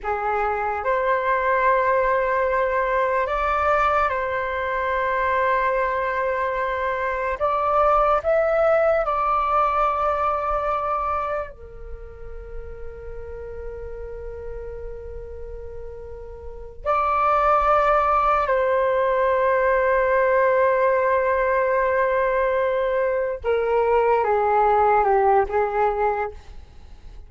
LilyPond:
\new Staff \with { instrumentName = "flute" } { \time 4/4 \tempo 4 = 73 gis'4 c''2. | d''4 c''2.~ | c''4 d''4 e''4 d''4~ | d''2 ais'2~ |
ais'1~ | ais'8 d''2 c''4.~ | c''1~ | c''8 ais'4 gis'4 g'8 gis'4 | }